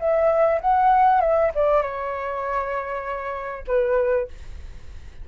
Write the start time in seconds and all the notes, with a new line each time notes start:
0.00 E5
0.61 F#5
1.21 E5
1.55 D5
1.82 C#5
3.68 B4